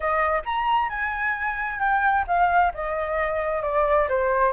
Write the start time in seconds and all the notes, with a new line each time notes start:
0.00 D#5
0.45 A#5
0.89 G#5
1.79 G5
2.27 F5
2.74 D#5
3.62 D5
4.08 C5